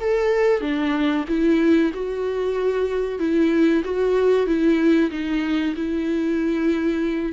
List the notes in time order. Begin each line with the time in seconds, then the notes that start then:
0.00 A4
0.61 D4
1.28 E4
1.93 F#4
3.19 E4
3.84 F#4
4.46 E4
5.10 D#4
5.76 E4